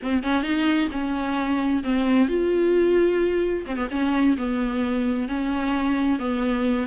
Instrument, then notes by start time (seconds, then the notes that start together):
viola
0.02 C4
0.23 C#4
0.42 D#4
0.91 C#4
1.83 C4
2.28 F4
3.66 C4
3.76 B3
3.91 C#4
4.37 B3
5.28 C#4
6.19 B3